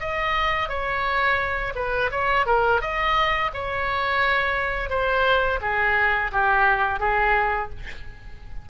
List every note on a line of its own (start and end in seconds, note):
0.00 0.69 D#5
0.69 1.73 C#5
1.75 2.10 B4
2.11 2.46 C#5
2.46 2.81 A#4
2.81 3.51 D#5
3.54 4.90 C#5
4.90 5.60 C5
5.62 6.31 G#4
6.32 7.00 G4
7.00 7.70 G#4